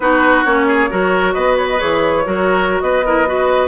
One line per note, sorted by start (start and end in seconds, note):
0.00 0.44 B3
0.00 0.45 D#4
0.00 0.67 F#4
0.00 0.44 B4
0.44 0.90 A#3
0.44 0.89 C#4
0.44 1.33 C#5
0.67 0.89 G#4
0.89 1.36 F#3
0.89 1.78 F#4
0.89 1.34 A#4
1.33 1.81 B3
1.33 2.24 B4
1.33 1.55 D#5
1.56 1.68 C#5
1.69 1.79 D#5
1.78 2.26 E3
1.78 2.23 G#4
1.78 2.80 C#5
2.24 2.82 F#3
2.24 3.03 F#4
2.24 2.82 A#4
2.80 3.68 B3
2.80 3.05 B4
2.80 3.68 D#5
3.05 3.26 E4
3.05 3.28 A#4
3.26 3.68 F#4
3.26 3.68 B4